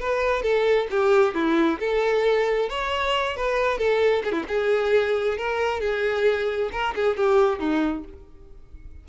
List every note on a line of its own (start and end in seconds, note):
0.00 0.43 B4
0.43 0.87 A4
0.90 1.34 G4
1.34 1.79 E4
1.80 2.69 A4
2.69 3.36 C#5
3.36 3.78 B4
3.78 4.23 A4
4.24 4.32 G#4
4.32 4.43 E4
4.48 5.37 G#4
5.38 5.80 A#4
5.80 6.70 G#4
6.72 6.94 A#4
6.95 7.17 G#4
7.17 7.59 G4
7.59 8.04 D#4